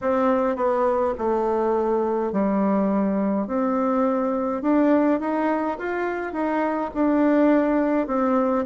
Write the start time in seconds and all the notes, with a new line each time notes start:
0.01 C4
0.56 B3
1.18 A3
2.32 G3
3.47 C4
4.62 D4
5.19 D#4
5.78 F4
6.32 D#4
6.94 D4
8.07 C4